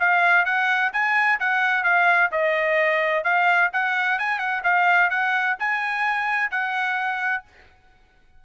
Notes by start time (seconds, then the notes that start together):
0.00 F5
0.46 F#5
0.93 G#5
1.40 F#5
1.84 F5
2.32 D#5
3.25 F5
3.73 F#5
4.19 G#5
4.39 F#5
4.64 F5
5.10 F#5
5.59 G#5
6.51 F#5